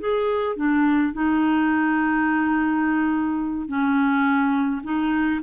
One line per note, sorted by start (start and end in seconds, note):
0.00 0.56 G#4
0.56 1.14 D4
1.14 3.68 D#4
3.68 4.82 C#4
4.84 5.41 D#4